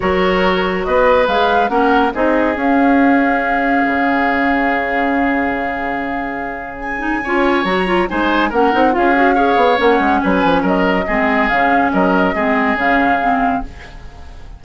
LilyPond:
<<
  \new Staff \with { instrumentName = "flute" } { \time 4/4 \tempo 4 = 141 cis''2 dis''4 f''4 | fis''4 dis''4 f''2~ | f''1~ | f''1 |
gis''2 ais''4 gis''4 | fis''4 f''2 fis''4 | gis''4 dis''2 f''4 | dis''2 f''2 | }
  \new Staff \with { instrumentName = "oboe" } { \time 4/4 ais'2 b'2 | ais'4 gis'2.~ | gis'1~ | gis'1~ |
gis'4 cis''2 c''4 | ais'4 gis'4 cis''2 | b'4 ais'4 gis'2 | ais'4 gis'2. | }
  \new Staff \with { instrumentName = "clarinet" } { \time 4/4 fis'2. gis'4 | cis'4 dis'4 cis'2~ | cis'1~ | cis'1~ |
cis'8 dis'8 f'4 fis'8 f'8 dis'4 | cis'8 dis'8 f'8 fis'8 gis'4 cis'4~ | cis'2 c'4 cis'4~ | cis'4 c'4 cis'4 c'4 | }
  \new Staff \with { instrumentName = "bassoon" } { \time 4/4 fis2 b4 gis4 | ais4 c'4 cis'2~ | cis'4 cis2.~ | cis1~ |
cis4 cis'4 fis4 gis4 | ais8 c'8 cis'4. b8 ais8 gis8 | fis8 f8 fis4 gis4 cis4 | fis4 gis4 cis2 | }
>>